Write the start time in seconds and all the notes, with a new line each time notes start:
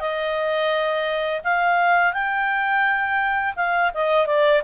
0.00 D#5
1.44 F5
2.13 G5
3.56 F5
3.94 D#5
4.26 D5